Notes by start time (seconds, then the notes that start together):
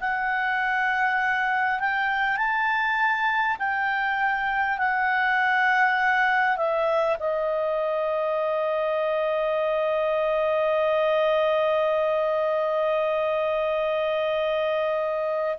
0.00 F#5
1.79 G5
2.37 A5
3.59 G5
4.78 F#5
6.57 E5
7.19 D#5